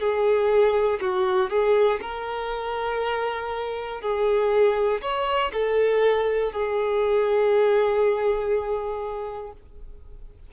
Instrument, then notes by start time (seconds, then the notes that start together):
violin
0.00 G#4
1.01 F#4
1.51 G#4
2.01 A#4
4.01 G#4
5.02 C#5
5.53 A4
6.53 G#4